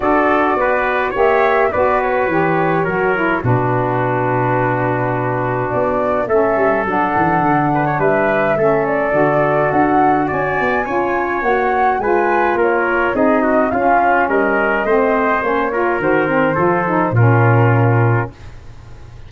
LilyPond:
<<
  \new Staff \with { instrumentName = "flute" } { \time 4/4 \tempo 4 = 105 d''2 e''4 d''8 cis''8~ | cis''2 b'2~ | b'2 d''4 e''4 | fis''2 e''4. d''8~ |
d''4 fis''4 gis''2 | fis''4 gis''4 cis''4 dis''4 | f''4 dis''2 cis''4 | c''2 ais'2 | }
  \new Staff \with { instrumentName = "trumpet" } { \time 4/4 a'4 b'4 cis''4 b'4~ | b'4 ais'4 fis'2~ | fis'2. a'4~ | a'4. b'16 cis''16 b'4 a'4~ |
a'2 d''4 cis''4~ | cis''4 b'4 ais'4 gis'8 fis'8 | f'4 ais'4 c''4. ais'8~ | ais'4 a'4 f'2 | }
  \new Staff \with { instrumentName = "saxophone" } { \time 4/4 fis'2 g'4 fis'4 | g'4 fis'8 e'8 d'2~ | d'2. cis'4 | d'2. cis'4 |
fis'2. f'4 | fis'4 f'2 dis'4 | cis'2 c'4 cis'8 f'8 | fis'8 c'8 f'8 dis'8 cis'2 | }
  \new Staff \with { instrumentName = "tuba" } { \time 4/4 d'4 b4 ais4 b4 | e4 fis4 b,2~ | b,2 b4 a8 g8 | fis8 e8 d4 g4 a4 |
d4 d'4 cis'8 b8 cis'4 | ais4 gis4 ais4 c'4 | cis'4 g4 a4 ais4 | dis4 f4 ais,2 | }
>>